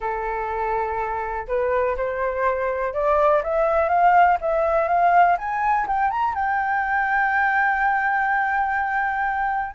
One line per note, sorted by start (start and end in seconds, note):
0.00 1.47 A4
1.47 1.96 B4
1.96 2.93 C5
2.93 3.42 D5
3.43 3.88 E5
3.88 4.37 F5
4.40 4.88 E5
4.88 5.36 F5
5.37 5.86 G#5
5.87 6.10 G5
6.10 6.34 A#5
6.34 9.75 G5